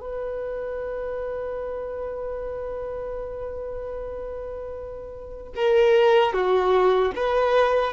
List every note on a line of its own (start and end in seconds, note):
0.00 5.53 B4
5.55 6.33 A#4
6.33 7.12 F#4
7.15 7.93 B4